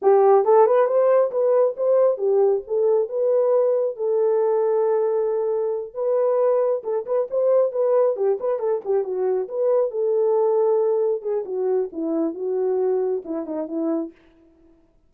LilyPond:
\new Staff \with { instrumentName = "horn" } { \time 4/4 \tempo 4 = 136 g'4 a'8 b'8 c''4 b'4 | c''4 g'4 a'4 b'4~ | b'4 a'2.~ | a'4. b'2 a'8 |
b'8 c''4 b'4 g'8 b'8 a'8 | g'8 fis'4 b'4 a'4.~ | a'4. gis'8 fis'4 e'4 | fis'2 e'8 dis'8 e'4 | }